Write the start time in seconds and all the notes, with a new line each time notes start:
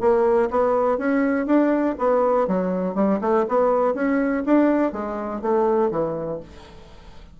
0.00 A#3
0.50 B3
0.98 C#4
1.46 D4
1.99 B3
2.47 F#3
2.95 G3
3.21 A3
3.48 B3
3.94 C#4
4.45 D4
4.92 G#3
5.41 A3
5.91 E3